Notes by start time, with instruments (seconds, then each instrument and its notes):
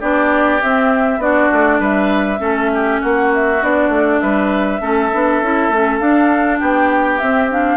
0.00 bassoon B3, clarinet D4, oboe G4, flute D5
0.61 bassoon C4, clarinet C4, flute E5
1.18 bassoon B3, clarinet D4, oboe F#4, flute D5
1.52 bassoon A3
1.79 bassoon G3, oboe B4, flute E5
2.38 bassoon A3, clarinet C#4, oboe A4
2.74 oboe G4
3.00 bassoon A#3, oboe F#4, flute F#5
3.34 flute E5
3.62 bassoon B3, clarinet D4, flute D5
3.89 bassoon A3
4.21 bassoon G3, oboe B4, flute E5
4.81 bassoon A3, clarinet C#4, oboe A4
5.13 bassoon B3, clarinet D4
5.41 bassoon C#4, clarinet E4
5.68 bassoon A3, clarinet C#4
5.98 clarinet D4, bassoon D4, flute F5
6.59 bassoon B3, oboe G4, flute G5
7.19 bassoon C4, clarinet C4, flute E5
7.51 clarinet D4, flute F5